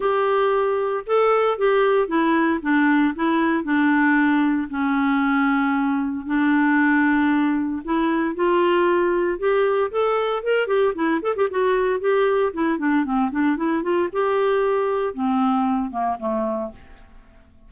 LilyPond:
\new Staff \with { instrumentName = "clarinet" } { \time 4/4 \tempo 4 = 115 g'2 a'4 g'4 | e'4 d'4 e'4 d'4~ | d'4 cis'2. | d'2. e'4 |
f'2 g'4 a'4 | ais'8 g'8 e'8 a'16 g'16 fis'4 g'4 | e'8 d'8 c'8 d'8 e'8 f'8 g'4~ | g'4 c'4. ais8 a4 | }